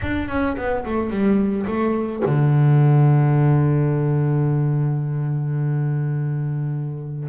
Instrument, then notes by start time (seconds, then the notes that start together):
double bass
0.02 D4
0.28 C#4
0.56 B3
0.85 A3
1.10 G3
1.66 A3
2.25 D3